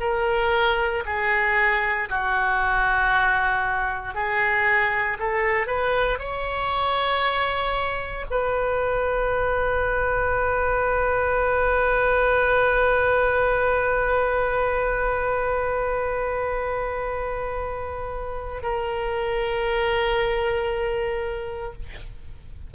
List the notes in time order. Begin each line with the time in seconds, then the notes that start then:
0.00 A#4
1.05 G#4
2.09 F#4
4.14 G#4
5.19 A4
5.66 B4
6.18 C#5
8.30 B4
18.62 A#4